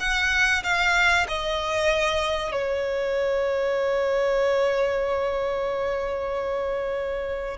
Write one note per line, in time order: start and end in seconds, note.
0.00 0.63 F#5
0.64 1.27 F5
1.28 2.52 D#5
2.52 7.57 C#5